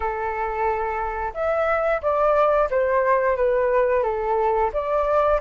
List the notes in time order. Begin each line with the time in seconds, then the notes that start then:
0.00 A4
1.33 E5
2.02 D5
2.70 C5
3.36 B4
4.03 A4
4.73 D5